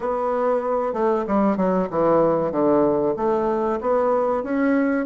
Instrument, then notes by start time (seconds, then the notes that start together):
bassoon
0.00 B3
0.93 A3
1.27 G3
1.56 F#3
1.89 E3
2.51 D3
3.16 A3
3.80 B3
4.43 C#4